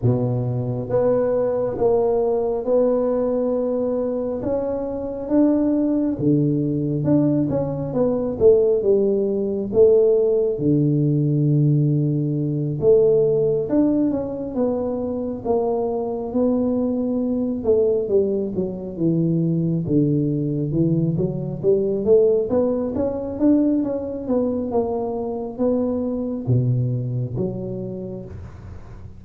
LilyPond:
\new Staff \with { instrumentName = "tuba" } { \time 4/4 \tempo 4 = 68 b,4 b4 ais4 b4~ | b4 cis'4 d'4 d4 | d'8 cis'8 b8 a8 g4 a4 | d2~ d8 a4 d'8 |
cis'8 b4 ais4 b4. | a8 g8 fis8 e4 d4 e8 | fis8 g8 a8 b8 cis'8 d'8 cis'8 b8 | ais4 b4 b,4 fis4 | }